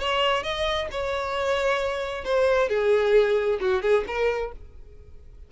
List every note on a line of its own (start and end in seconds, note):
0.00 0.43 C#5
0.43 0.88 D#5
0.91 2.24 C#5
2.24 2.69 C5
2.69 3.59 G#4
3.60 3.82 F#4
3.82 4.05 G#4
4.07 4.52 A#4